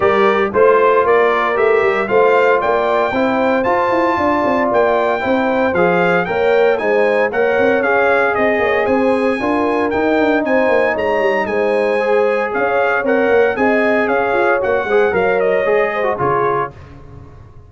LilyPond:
<<
  \new Staff \with { instrumentName = "trumpet" } { \time 4/4 \tempo 4 = 115 d''4 c''4 d''4 e''4 | f''4 g''2 a''4~ | a''4 g''2 f''4 | g''4 gis''4 fis''4 f''4 |
dis''4 gis''2 g''4 | gis''4 ais''4 gis''2 | f''4 fis''4 gis''4 f''4 | fis''4 f''8 dis''4. cis''4 | }
  \new Staff \with { instrumentName = "horn" } { \time 4/4 ais'4 c''4 ais'2 | c''4 d''4 c''2 | d''2 c''2 | cis''4 c''4 cis''2 |
dis''8 cis''8 c''4 ais'2 | c''4 cis''4 c''2 | cis''2 dis''4 cis''4~ | cis''8 c''8 cis''4. c''8 gis'4 | }
  \new Staff \with { instrumentName = "trombone" } { \time 4/4 g'4 f'2 g'4 | f'2 e'4 f'4~ | f'2 e'4 gis'4 | ais'4 dis'4 ais'4 gis'4~ |
gis'2 f'4 dis'4~ | dis'2. gis'4~ | gis'4 ais'4 gis'2 | fis'8 gis'8 ais'4 gis'8. fis'16 f'4 | }
  \new Staff \with { instrumentName = "tuba" } { \time 4/4 g4 a4 ais4 a8 g8 | a4 ais4 c'4 f'8 e'8 | d'8 c'8 ais4 c'4 f4 | ais4 gis4 ais8 c'8 cis'4 |
c'8 ais8 c'4 d'4 dis'8 d'8 | c'8 ais8 gis8 g8 gis2 | cis'4 c'8 ais8 c'4 cis'8 f'8 | ais8 gis8 fis4 gis4 cis4 | }
>>